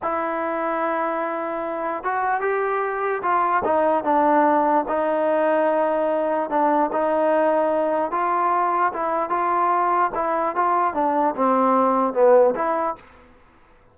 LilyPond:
\new Staff \with { instrumentName = "trombone" } { \time 4/4 \tempo 4 = 148 e'1~ | e'4 fis'4 g'2 | f'4 dis'4 d'2 | dis'1 |
d'4 dis'2. | f'2 e'4 f'4~ | f'4 e'4 f'4 d'4 | c'2 b4 e'4 | }